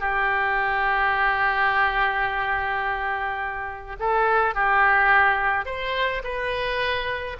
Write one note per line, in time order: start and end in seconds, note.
0.00 3.96 G4
4.00 4.55 A4
4.55 5.66 G4
5.66 6.22 C5
6.24 7.37 B4